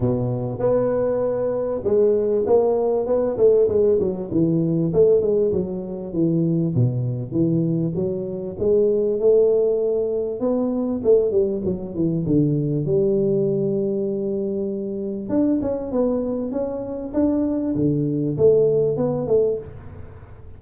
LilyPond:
\new Staff \with { instrumentName = "tuba" } { \time 4/4 \tempo 4 = 98 b,4 b2 gis4 | ais4 b8 a8 gis8 fis8 e4 | a8 gis8 fis4 e4 b,4 | e4 fis4 gis4 a4~ |
a4 b4 a8 g8 fis8 e8 | d4 g2.~ | g4 d'8 cis'8 b4 cis'4 | d'4 d4 a4 b8 a8 | }